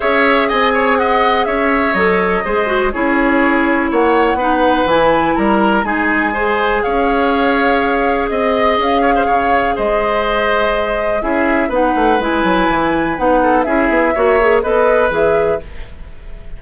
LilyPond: <<
  \new Staff \with { instrumentName = "flute" } { \time 4/4 \tempo 4 = 123 e''4 gis''4 fis''4 e''4 | dis''2 cis''2 | fis''2 gis''4 ais''4 | gis''2 f''2~ |
f''4 dis''4 f''2 | dis''2. e''4 | fis''4 gis''2 fis''4 | e''2 dis''4 e''4 | }
  \new Staff \with { instrumentName = "oboe" } { \time 4/4 cis''4 dis''8 cis''8 dis''4 cis''4~ | cis''4 c''4 gis'2 | cis''4 b'2 ais'4 | gis'4 c''4 cis''2~ |
cis''4 dis''4. cis''16 c''16 cis''4 | c''2. gis'4 | b'2.~ b'8 a'8 | gis'4 cis''4 b'2 | }
  \new Staff \with { instrumentName = "clarinet" } { \time 4/4 gis'1 | a'4 gis'8 fis'8 e'2~ | e'4 dis'4 e'2 | dis'4 gis'2.~ |
gis'1~ | gis'2. e'4 | dis'4 e'2 dis'4 | e'4 fis'8 gis'8 a'4 gis'4 | }
  \new Staff \with { instrumentName = "bassoon" } { \time 4/4 cis'4 c'2 cis'4 | fis4 gis4 cis'2 | ais4 b4 e4 g4 | gis2 cis'2~ |
cis'4 c'4 cis'4 cis4 | gis2. cis'4 | b8 a8 gis8 fis8 e4 b4 | cis'8 b8 ais4 b4 e4 | }
>>